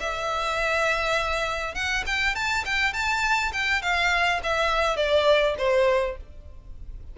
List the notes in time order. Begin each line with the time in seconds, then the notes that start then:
0.00 E5
1.75 F#5
2.06 G5
2.35 A5
2.65 G5
2.93 A5
3.52 G5
3.82 F5
4.43 E5
4.96 D5
5.58 C5